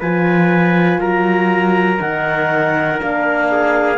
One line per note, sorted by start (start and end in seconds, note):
0.00 0.99 F3
0.00 2.00 F4
0.00 1.00 B4
0.00 1.01 G#5
0.99 1.99 F#3
0.99 3.50 A#4
0.99 2.01 A#5
2.00 3.01 D#3
2.00 2.98 D#4
2.00 3.01 F#5
2.98 3.99 A#3
2.98 3.98 D4
2.98 3.99 F5
3.51 3.99 G#4